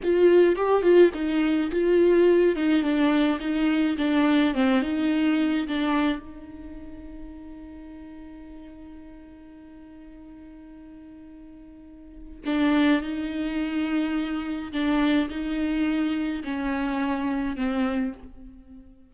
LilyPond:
\new Staff \with { instrumentName = "viola" } { \time 4/4 \tempo 4 = 106 f'4 g'8 f'8 dis'4 f'4~ | f'8 dis'8 d'4 dis'4 d'4 | c'8 dis'4. d'4 dis'4~ | dis'1~ |
dis'1~ | dis'2 d'4 dis'4~ | dis'2 d'4 dis'4~ | dis'4 cis'2 c'4 | }